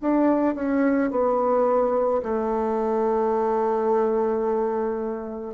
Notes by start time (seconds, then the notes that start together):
0.00 D4
0.55 C#4
1.11 B3
2.22 A3